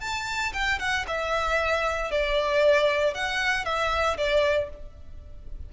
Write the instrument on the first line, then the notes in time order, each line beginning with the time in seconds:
violin
0.00 A5
0.53 G5
0.79 F#5
1.07 E5
2.11 D5
3.14 F#5
3.65 E5
4.17 D5